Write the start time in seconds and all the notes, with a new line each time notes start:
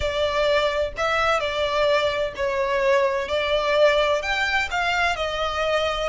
0.00 D5
0.97 E5
1.40 D5
2.35 C#5
3.28 D5
4.22 G5
4.70 F5
5.16 D#5